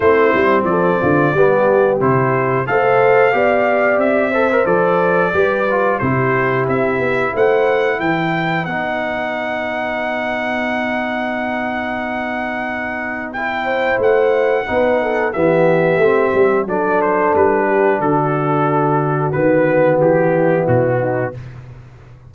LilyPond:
<<
  \new Staff \with { instrumentName = "trumpet" } { \time 4/4 \tempo 4 = 90 c''4 d''2 c''4 | f''2 e''4 d''4~ | d''4 c''4 e''4 fis''4 | g''4 fis''2.~ |
fis''1 | g''4 fis''2 e''4~ | e''4 d''8 c''8 b'4 a'4~ | a'4 b'4 g'4 fis'4 | }
  \new Staff \with { instrumentName = "horn" } { \time 4/4 e'4 a'8 f'8 g'2 | c''4 d''4. c''4. | b'4 g'2 c''4 | b'1~ |
b'1~ | b'8 c''4. b'8 a'8 g'4~ | g'4 a'4. g'8 fis'4~ | fis'2~ fis'8 e'4 dis'8 | }
  \new Staff \with { instrumentName = "trombone" } { \time 4/4 c'2 b4 e'4 | a'4 g'4. a'16 ais'16 a'4 | g'8 f'8 e'2.~ | e'4 dis'2.~ |
dis'1 | e'2 dis'4 b4 | c'4 d'2.~ | d'4 b2. | }
  \new Staff \with { instrumentName = "tuba" } { \time 4/4 a8 g8 f8 d8 g4 c4 | a4 b4 c'4 f4 | g4 c4 c'8 b8 a4 | e4 b2.~ |
b1~ | b4 a4 b4 e4 | a8 g8 fis4 g4 d4~ | d4 dis4 e4 b,4 | }
>>